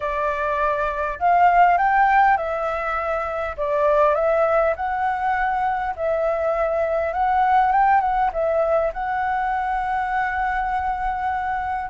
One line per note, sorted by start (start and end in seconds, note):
0.00 1.18 D5
1.19 1.77 F5
1.77 2.37 G5
2.37 3.56 E5
3.57 4.14 D5
4.14 4.74 E5
4.76 5.95 F#5
5.96 7.13 E5
7.13 7.71 F#5
7.71 8.00 G5
8.00 8.30 F#5
8.32 8.92 E5
8.93 11.90 F#5